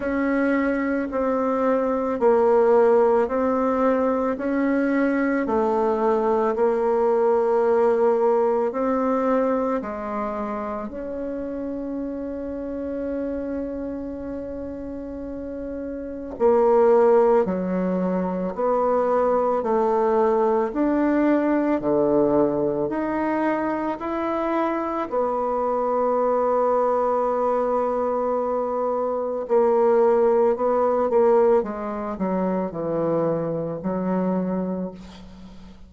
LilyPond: \new Staff \with { instrumentName = "bassoon" } { \time 4/4 \tempo 4 = 55 cis'4 c'4 ais4 c'4 | cis'4 a4 ais2 | c'4 gis4 cis'2~ | cis'2. ais4 |
fis4 b4 a4 d'4 | d4 dis'4 e'4 b4~ | b2. ais4 | b8 ais8 gis8 fis8 e4 fis4 | }